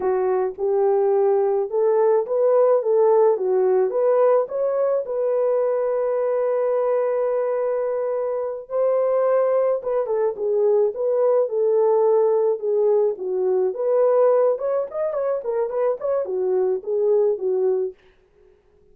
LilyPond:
\new Staff \with { instrumentName = "horn" } { \time 4/4 \tempo 4 = 107 fis'4 g'2 a'4 | b'4 a'4 fis'4 b'4 | cis''4 b'2.~ | b'2.~ b'8 c''8~ |
c''4. b'8 a'8 gis'4 b'8~ | b'8 a'2 gis'4 fis'8~ | fis'8 b'4. cis''8 dis''8 cis''8 ais'8 | b'8 cis''8 fis'4 gis'4 fis'4 | }